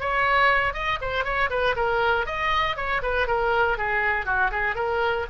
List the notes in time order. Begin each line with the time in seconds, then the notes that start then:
0.00 C#5
0.73 D#5
1.01 C5
1.24 C#5
1.50 B4
1.76 A#4
2.26 D#5
2.76 C#5
3.02 B4
3.27 A#4
3.77 G#4
4.25 F#4
4.51 G#4
4.75 A#4